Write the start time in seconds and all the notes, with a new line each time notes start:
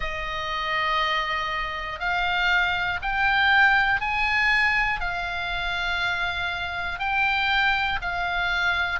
0.00 D#5
1.99 F5
3.02 G5
4.00 G#5
5.00 F5
6.99 G5
8.01 F5